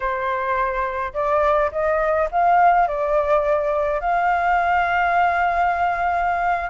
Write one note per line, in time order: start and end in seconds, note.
0.00 1.13 C5
1.13 1.70 D5
1.71 2.29 D#5
2.31 2.87 F5
2.87 4.00 D5
4.00 6.69 F5